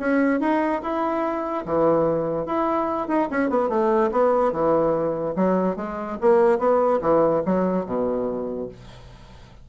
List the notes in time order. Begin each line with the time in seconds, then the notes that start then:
0.00 C#4
0.41 D#4
0.83 E4
1.66 E3
2.46 E4
3.08 D#4
3.31 C#4
3.50 B3
3.70 A3
4.12 B3
4.53 E3
5.36 F#3
5.77 G#3
6.21 A#3
6.59 B3
7.02 E3
7.46 F#3
7.86 B2